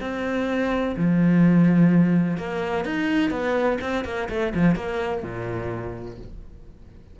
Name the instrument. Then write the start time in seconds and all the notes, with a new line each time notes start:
cello
0.00 C4
0.97 F3
2.37 A#3
2.85 D#4
3.31 B3
3.81 C4
4.05 A#3
4.29 A3
4.54 F3
4.75 A#3
5.23 A#2